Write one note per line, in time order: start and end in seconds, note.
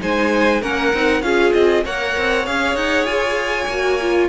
0.00 0.63 G#3
0.00 0.61 D#4
0.00 0.62 C5
0.00 0.63 G#5
0.62 0.93 A#3
0.62 0.93 C#4
0.62 1.23 A#4
0.62 1.22 F#5
0.94 1.22 C4
0.94 1.23 D#4
1.22 1.53 C#4
1.22 1.85 F4
1.22 1.85 G#4
1.22 1.53 F5
1.53 1.85 C4
1.53 1.84 D#5
1.85 2.17 A#3
1.85 2.46 A#4
1.85 4.29 C#5
1.85 2.46 F#5
2.17 2.47 C4
2.46 2.76 C#4
2.46 3.69 G#4
2.46 2.76 F5
2.76 3.05 D#4
2.76 3.06 F#5
3.05 3.66 F4
3.05 4.28 G#5
3.68 4.29 A#3
3.68 4.01 F#4
4.01 4.29 F4